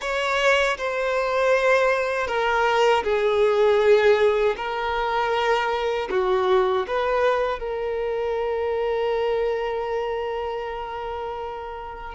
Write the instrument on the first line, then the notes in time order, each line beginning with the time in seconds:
violin
0.01 C#5
0.77 C5
2.27 A#4
3.03 G#4
4.56 A#4
6.10 F#4
6.87 B4
7.59 A#4